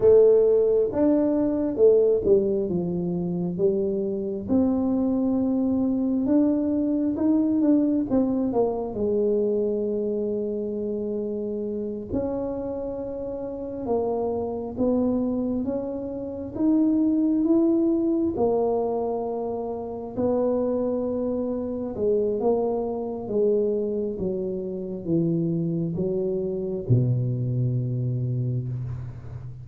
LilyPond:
\new Staff \with { instrumentName = "tuba" } { \time 4/4 \tempo 4 = 67 a4 d'4 a8 g8 f4 | g4 c'2 d'4 | dis'8 d'8 c'8 ais8 gis2~ | gis4. cis'2 ais8~ |
ais8 b4 cis'4 dis'4 e'8~ | e'8 ais2 b4.~ | b8 gis8 ais4 gis4 fis4 | e4 fis4 b,2 | }